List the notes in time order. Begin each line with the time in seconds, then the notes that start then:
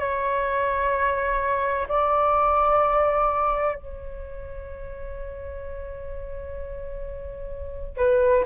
0.00 C#5
1.89 D5
3.76 C#5
7.98 B4